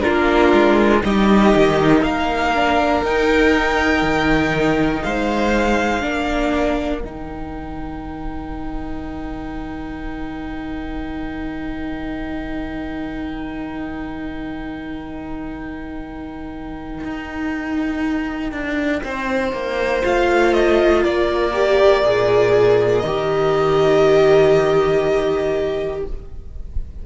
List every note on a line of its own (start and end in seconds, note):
0.00 1.00 D4
0.00 1.03 F4
0.00 1.01 A#4
0.08 0.53 A#3
0.53 1.03 G#3
1.04 1.54 G3
1.04 2.55 D#4
1.04 2.01 G4
1.04 2.04 D#5
1.55 2.03 D#3
2.01 3.03 A#3
2.01 5.01 A#4
2.01 3.04 F5
2.55 3.05 D4
3.04 4.02 D#4
3.04 6.01 D#4
3.04 5.03 G5
4.02 5.02 D#3
5.03 6.04 G#3
5.03 6.03 C5
5.03 7.02 F5
6.01 7.04 A#3
6.01 7.01 D4
6.01 19.03 A#4
7.02 17.04 D#3
7.02 20.02 D#4
7.02 20.02 G5
17.04 18.52 D#4
18.52 19.02 D4
19.04 19.53 C4
19.04 21.00 C5
19.53 20.03 A#3
20.02 21.05 A3
20.02 21.52 F4
20.02 20.54 F5
20.54 21.04 D#5
21.00 22.05 A#3
21.00 26.00 A#4
21.00 22.99 D5
21.53 22.03 G4
22.05 23.03 A#2
22.05 23.05 G#4
22.99 26.03 D#3
22.99 25.99 D#5
23.06 26.06 G4